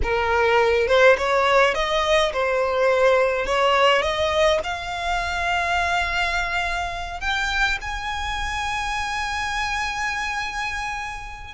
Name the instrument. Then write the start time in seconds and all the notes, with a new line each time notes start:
violin
0.02 A#4
0.87 C5
1.17 C#5
1.74 D#5
2.32 C5
3.46 C#5
4.02 D#5
4.63 F5
7.20 G5
7.81 G#5